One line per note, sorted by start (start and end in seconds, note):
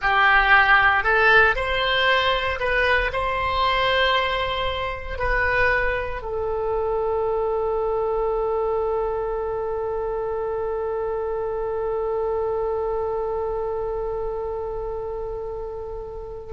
0.01 1.03 G4
1.03 1.55 A4
1.55 2.59 C5
2.59 3.11 B4
3.12 5.18 C5
5.18 6.22 B4
6.22 16.52 A4